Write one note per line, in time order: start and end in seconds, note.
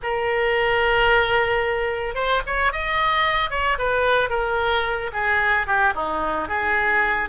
0.02 2.14 A#4
2.14 2.41 C5
2.46 2.72 C#5
2.72 3.50 D#5
3.50 3.77 C#5
3.78 4.29 B4
4.29 5.11 A#4
5.12 5.66 G#4
5.66 5.93 G4
5.94 6.48 D#4
6.48 7.29 G#4